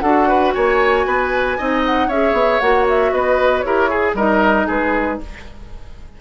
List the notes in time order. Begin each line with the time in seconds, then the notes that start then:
0.00 D4 F#4 A4 F#5
0.28 B4
0.53 A#3 C#5 G#5
1.06 B3 B4
1.58 C4 D#4 D#5
1.85 F#5
2.08 C#4 G#4 C#5 E5
2.33 B3
2.59 A#3 F#4 F#5
2.89 E5
3.12 B3 B4 D#5
3.60 E4 G4 A#4 C#5
3.89 G#4
4.14 G3 D#4 A#4 D#5
4.67 G#3 G#4 B4